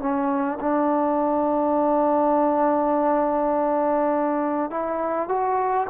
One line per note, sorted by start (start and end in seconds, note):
0.00 0.59 C#4
0.60 4.71 D4
4.71 5.29 E4
5.29 5.88 F#4